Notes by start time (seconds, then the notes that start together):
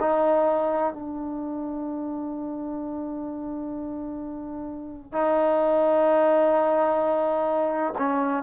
0.00 D#4
0.93 D4
5.12 D#4
7.98 C#4